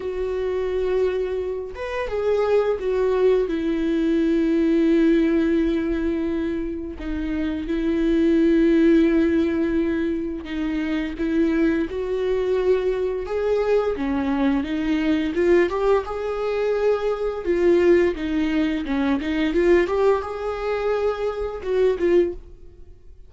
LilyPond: \new Staff \with { instrumentName = "viola" } { \time 4/4 \tempo 4 = 86 fis'2~ fis'8 b'8 gis'4 | fis'4 e'2.~ | e'2 dis'4 e'4~ | e'2. dis'4 |
e'4 fis'2 gis'4 | cis'4 dis'4 f'8 g'8 gis'4~ | gis'4 f'4 dis'4 cis'8 dis'8 | f'8 g'8 gis'2 fis'8 f'8 | }